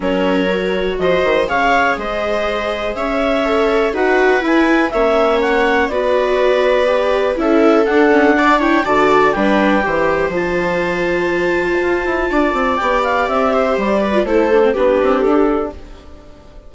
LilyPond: <<
  \new Staff \with { instrumentName = "clarinet" } { \time 4/4 \tempo 4 = 122 cis''2 dis''4 f''4 | dis''2 e''2 | fis''4 gis''4 e''4 fis''4 | d''2. e''4 |
fis''4. g''8 a''4 g''4~ | g''4 a''2.~ | a''2 g''8 f''8 e''4 | d''4 c''4 b'4 a'4 | }
  \new Staff \with { instrumentName = "viola" } { \time 4/4 ais'2 c''4 cis''4 | c''2 cis''2 | b'2 cis''2 | b'2. a'4~ |
a'4 d''8 cis''8 d''4 b'4 | c''1~ | c''4 d''2~ d''8 c''8~ | c''8 b'8 a'4 g'2 | }
  \new Staff \with { instrumentName = "viola" } { \time 4/4 cis'4 fis'2 gis'4~ | gis'2. a'4 | fis'4 e'4 cis'2 | fis'2 g'4 e'4 |
d'8 cis'8 d'8 e'8 fis'4 d'4 | g'4 f'2.~ | f'2 g'2~ | g'8. f'16 e'8 d'16 c'16 d'2 | }
  \new Staff \with { instrumentName = "bassoon" } { \time 4/4 fis2 f8 dis8 cis4 | gis2 cis'2 | dis'4 e'4 ais2 | b2. cis'4 |
d'2 d4 g4 | e4 f2. | f'8 e'8 d'8 c'8 b4 c'4 | g4 a4 b8 c'8 d'4 | }
>>